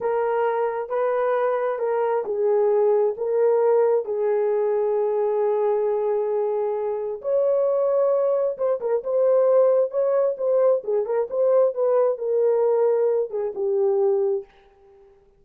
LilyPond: \new Staff \with { instrumentName = "horn" } { \time 4/4 \tempo 4 = 133 ais'2 b'2 | ais'4 gis'2 ais'4~ | ais'4 gis'2.~ | gis'1 |
cis''2. c''8 ais'8 | c''2 cis''4 c''4 | gis'8 ais'8 c''4 b'4 ais'4~ | ais'4. gis'8 g'2 | }